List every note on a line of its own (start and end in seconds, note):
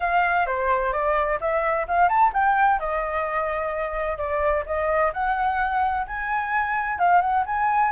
0.00 0.46 F5
0.46 0.92 C5
0.92 1.39 D5
1.40 1.86 E5
1.87 2.08 F5
2.08 2.32 A5
2.33 2.79 G5
2.79 4.17 D#5
4.17 4.64 D5
4.66 5.12 D#5
5.13 6.06 F#5
6.07 6.98 G#5
6.98 7.21 F5
7.21 7.44 F#5
7.45 7.92 G#5